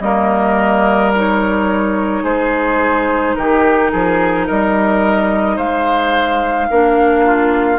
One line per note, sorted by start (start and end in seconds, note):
0.00 2.22 G3
0.00 1.13 A#3
0.00 2.24 A#4
0.00 1.12 D#5
1.15 6.70 D#4
1.15 2.25 C#5
2.24 3.35 G#3
2.24 3.35 G#4
2.24 3.36 C5
3.36 3.93 D#3
3.36 3.91 G4
3.36 4.47 A#4
3.91 4.49 F3
3.91 4.47 G#4
4.47 5.57 G3
4.47 5.56 A#4
4.47 5.57 D#5
5.56 6.69 G#3
5.56 6.67 C5
5.56 7.79 F5
6.70 7.79 A#3
6.70 7.79 D4
6.70 7.25 A#4
7.25 7.79 F4